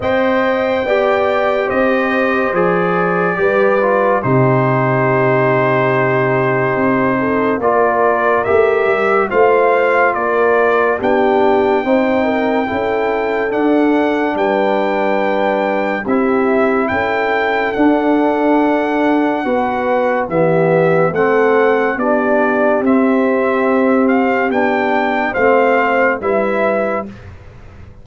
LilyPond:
<<
  \new Staff \with { instrumentName = "trumpet" } { \time 4/4 \tempo 4 = 71 g''2 dis''4 d''4~ | d''4 c''2.~ | c''4 d''4 e''4 f''4 | d''4 g''2. |
fis''4 g''2 e''4 | g''4 fis''2. | e''4 fis''4 d''4 e''4~ | e''8 f''8 g''4 f''4 e''4 | }
  \new Staff \with { instrumentName = "horn" } { \time 4/4 dis''4 d''4 c''2 | b'4 g'2.~ | g'8 a'8 ais'2 c''4 | ais'4 g'4 c''8 ais'8 a'4~ |
a'4 b'2 g'4 | a'2. b'4 | g'4 a'4 g'2~ | g'2 c''4 b'4 | }
  \new Staff \with { instrumentName = "trombone" } { \time 4/4 c''4 g'2 gis'4 | g'8 f'8 dis'2.~ | dis'4 f'4 g'4 f'4~ | f'4 d'4 dis'4 e'4 |
d'2. e'4~ | e'4 d'2 fis'4 | b4 c'4 d'4 c'4~ | c'4 d'4 c'4 e'4 | }
  \new Staff \with { instrumentName = "tuba" } { \time 4/4 c'4 b4 c'4 f4 | g4 c2. | c'4 ais4 a8 g8 a4 | ais4 b4 c'4 cis'4 |
d'4 g2 c'4 | cis'4 d'2 b4 | e4 a4 b4 c'4~ | c'4 b4 a4 g4 | }
>>